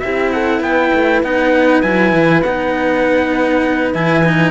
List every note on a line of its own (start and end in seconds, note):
0.00 0.61 C4
0.00 1.25 E4
0.00 0.34 G4
0.00 0.30 E5
0.33 0.63 A4
0.33 0.62 F#5
0.61 0.91 B3
0.61 4.51 B4
0.61 1.23 G5
0.94 1.23 A3
1.23 1.83 B3
1.23 1.83 D#4
1.23 1.82 F#5
1.82 2.13 F#3
1.82 2.43 E4
1.82 2.42 G#5
2.13 2.43 E3
2.43 3.94 B3
2.43 3.95 D#4
2.43 3.93 F#5
3.94 4.51 E3
3.94 4.25 E4
3.94 4.51 G#5
4.25 4.51 D#4